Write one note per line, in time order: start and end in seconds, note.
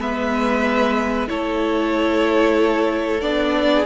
0.00 1.29 G#3
0.00 1.28 B3
0.00 1.29 B4
0.00 1.29 E5
1.28 3.22 A3
1.28 3.22 E4
1.28 3.72 A4
1.28 3.21 C#5
3.21 3.86 B3
3.21 3.86 D4
3.21 3.86 D5
3.74 3.86 G#4